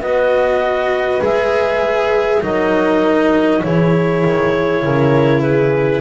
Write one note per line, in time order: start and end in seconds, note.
0.00 1.20 B3
0.00 1.21 F#4
0.00 2.42 B4
0.00 1.22 D#5
1.21 2.41 G#3
1.21 2.41 G#4
1.21 2.43 E5
2.41 3.62 F#3
2.41 3.60 D#4
2.41 3.62 A#4
2.41 3.63 D#5
3.62 4.24 E3
3.62 6.01 E4
3.62 4.84 G#4
3.62 5.41 C#5
4.24 4.83 D#3
4.83 6.01 C#3
4.83 5.41 A#4
5.41 6.01 G#4
5.41 6.01 B4